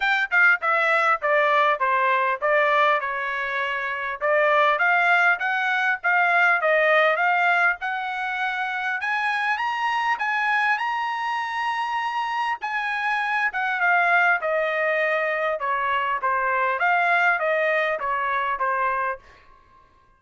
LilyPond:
\new Staff \with { instrumentName = "trumpet" } { \time 4/4 \tempo 4 = 100 g''8 f''8 e''4 d''4 c''4 | d''4 cis''2 d''4 | f''4 fis''4 f''4 dis''4 | f''4 fis''2 gis''4 |
ais''4 gis''4 ais''2~ | ais''4 gis''4. fis''8 f''4 | dis''2 cis''4 c''4 | f''4 dis''4 cis''4 c''4 | }